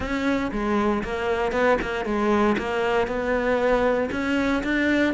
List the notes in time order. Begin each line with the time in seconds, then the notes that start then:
0.00 C#4
0.51 G#3
1.03 A#3
1.52 B3
1.81 A#3
2.05 G#3
2.58 A#3
3.07 B3
4.11 C#4
4.63 D4